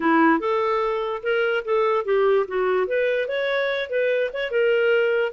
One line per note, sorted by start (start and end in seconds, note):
0.00 0.39 E4
0.39 1.22 A4
1.22 1.63 A#4
1.64 2.04 A4
2.04 2.45 G4
2.47 2.87 F#4
2.87 3.28 B4
3.28 3.89 C#5
3.89 4.31 B4
4.33 4.50 C#5
4.50 5.32 A#4